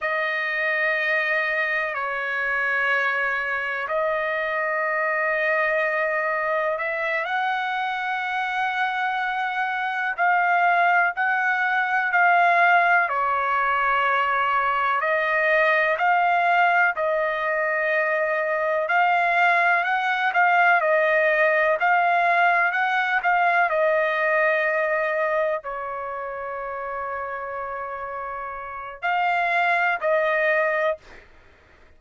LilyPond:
\new Staff \with { instrumentName = "trumpet" } { \time 4/4 \tempo 4 = 62 dis''2 cis''2 | dis''2. e''8 fis''8~ | fis''2~ fis''8 f''4 fis''8~ | fis''8 f''4 cis''2 dis''8~ |
dis''8 f''4 dis''2 f''8~ | f''8 fis''8 f''8 dis''4 f''4 fis''8 | f''8 dis''2 cis''4.~ | cis''2 f''4 dis''4 | }